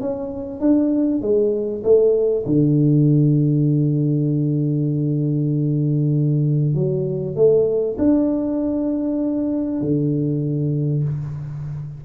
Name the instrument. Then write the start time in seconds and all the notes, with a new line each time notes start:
tuba
0.00 C#4
0.60 D4
1.21 G#3
1.83 A3
2.46 D3
6.75 F#3
7.36 A3
7.98 D4
9.81 D3